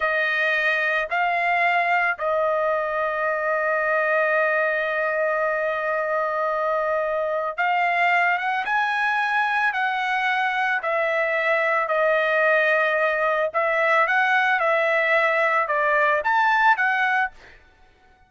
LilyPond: \new Staff \with { instrumentName = "trumpet" } { \time 4/4 \tempo 4 = 111 dis''2 f''2 | dis''1~ | dis''1~ | dis''2 f''4. fis''8 |
gis''2 fis''2 | e''2 dis''2~ | dis''4 e''4 fis''4 e''4~ | e''4 d''4 a''4 fis''4 | }